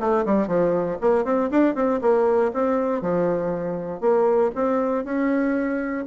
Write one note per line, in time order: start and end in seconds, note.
0.00 0.25 A3
0.26 0.47 G3
0.47 0.98 F3
1.01 1.25 A#3
1.25 1.50 C4
1.51 1.75 D4
1.75 2.01 C4
2.02 2.52 A#3
2.54 3.02 C4
3.02 4.01 F3
4.01 4.51 A#3
4.55 5.05 C4
5.05 6.06 C#4